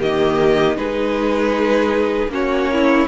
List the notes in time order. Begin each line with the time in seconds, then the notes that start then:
0.00 D#3 A#3 G4 D#5
0.76 G#3 D#4 G#4 B4
2.28 A#3 C#4 F#4 C#5
2.73 E4